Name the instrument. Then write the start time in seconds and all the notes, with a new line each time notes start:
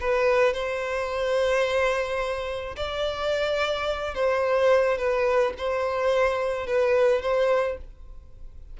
violin
0.00 B4
0.53 C5
2.76 D5
4.14 C5
4.98 B4
5.58 C5
6.66 B4
7.21 C5